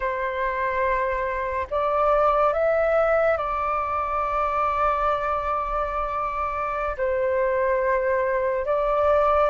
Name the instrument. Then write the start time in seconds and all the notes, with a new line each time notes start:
flute
0.00 C5
1.70 D5
2.53 E5
3.37 D5
6.97 C5
8.65 D5